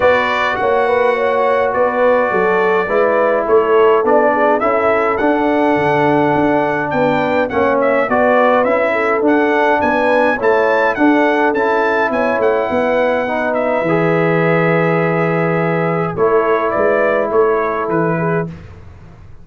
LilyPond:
<<
  \new Staff \with { instrumentName = "trumpet" } { \time 4/4 \tempo 4 = 104 d''4 fis''2 d''4~ | d''2 cis''4 d''4 | e''4 fis''2. | g''4 fis''8 e''8 d''4 e''4 |
fis''4 gis''4 a''4 fis''4 | a''4 gis''8 fis''2 e''8~ | e''1 | cis''4 d''4 cis''4 b'4 | }
  \new Staff \with { instrumentName = "horn" } { \time 4/4 b'4 cis''8 b'8 cis''4 b'4 | a'4 b'4 a'4. gis'8 | a'1 | b'4 cis''4 b'4. a'8~ |
a'4 b'4 cis''4 a'4~ | a'4 cis''4 b'2~ | b'1 | a'4 b'4 a'4. gis'8 | }
  \new Staff \with { instrumentName = "trombone" } { \time 4/4 fis'1~ | fis'4 e'2 d'4 | e'4 d'2.~ | d'4 cis'4 fis'4 e'4 |
d'2 e'4 d'4 | e'2. dis'4 | gis'1 | e'1 | }
  \new Staff \with { instrumentName = "tuba" } { \time 4/4 b4 ais2 b4 | fis4 gis4 a4 b4 | cis'4 d'4 d4 d'4 | b4 ais4 b4 cis'4 |
d'4 b4 a4 d'4 | cis'4 b8 a8 b2 | e1 | a4 gis4 a4 e4 | }
>>